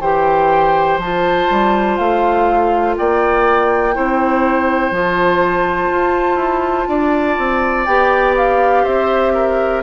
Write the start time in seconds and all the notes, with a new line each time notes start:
0.00 E3 G4 C5 G5
0.97 F3 F4 A5
1.50 G3
1.97 A3 F5
2.97 A#3 D5 G5
3.93 C4 E4 C5
4.91 F3 F4 A5
5.90 F4
6.35 E4
6.88 D4 D5
7.37 C4
7.85 B3 G4 G5
8.37 F5
8.83 C4 C5 E5
9.34 A#4